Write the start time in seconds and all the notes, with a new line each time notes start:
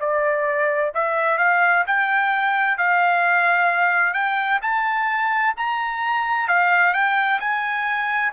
0.00 D5
0.94 E5
1.38 F5
1.87 G5
2.77 F5
4.13 G5
4.62 A5
5.57 A#5
6.48 F5
6.94 G5
7.40 G#5